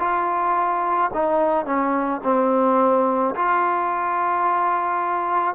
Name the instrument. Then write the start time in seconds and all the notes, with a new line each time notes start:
trombone
0.00 F4
1.14 D#4
1.66 C#4
2.24 C4
3.36 F4